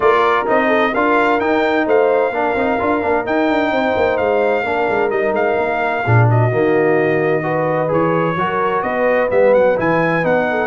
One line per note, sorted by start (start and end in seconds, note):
0.00 0.47 A#3
0.00 0.45 F4
0.00 0.67 A#4
0.00 0.47 D5
0.46 0.93 C4
0.46 0.92 D#4
0.46 0.94 D#5
0.67 0.90 A4
0.93 1.40 D4
0.93 1.39 F4
0.93 1.85 A#4
0.93 1.39 F5
1.39 2.32 D#4
1.39 1.86 D#4
1.39 1.86 G5
1.85 2.30 A3
1.85 2.31 C5
1.85 3.26 F5
2.30 2.54 A#3
2.30 2.56 D4
2.30 3.70 A#4
2.54 2.77 C4
2.54 2.79 D#4
2.79 3.03 D4
2.79 3.01 F4
3.01 3.26 A#3
3.01 3.25 D4
3.25 4.64 D#4
3.25 3.48 D#4
3.25 4.17 G5
3.48 3.71 D4
3.71 3.95 C4
3.71 4.65 C5
3.96 4.19 A#3
4.17 4.63 G#3
4.17 5.10 F5
4.63 4.86 A#3
4.63 5.10 D4
4.63 6.04 A#4
4.88 5.10 G#3
5.10 5.31 G3
5.10 6.03 D#4
5.10 5.33 D#5
5.31 5.55 G#3
5.31 6.28 F5
5.57 6.04 A#3
6.04 6.51 A#2
6.04 6.51 D4
6.04 6.27 G#4
6.27 7.43 F#4
6.27 7.92 D#5
6.51 7.91 D#3
6.51 7.42 A#3
7.42 7.87 F#4
7.42 8.36 B4
7.87 8.35 E3
7.87 8.34 G#4
7.87 8.82 C#5
8.35 8.82 F#3
8.35 9.28 F#4
8.35 8.84 A#4
8.82 9.29 B3
8.82 10.47 B4
8.82 9.28 D#5
9.28 9.53 G3
9.28 9.75 B3
9.28 9.54 E5
9.53 9.77 F#3
9.53 9.77 F#5
9.76 10.24 E3
9.76 10.22 E4
9.76 10.25 G#5
10.22 10.67 B3
10.22 10.67 D#4
10.22 10.67 F#5
10.50 10.67 A4